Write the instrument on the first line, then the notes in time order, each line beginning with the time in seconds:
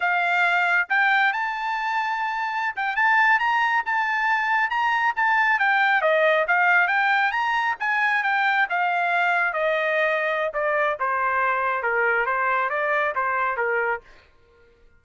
trumpet
0.00 F5
0.89 G5
1.33 A5
2.76 G5
2.95 A5
3.39 A#5
3.85 A5
4.69 A#5
5.16 A5
5.59 G5
6.01 D#5
6.47 F5
6.87 G5
7.31 A#5
7.79 G#5
8.23 G5
8.69 F5
9.53 D#5
10.53 D5
10.99 C5
11.82 A#4
12.25 C5
12.69 D5
13.15 C5
13.57 A#4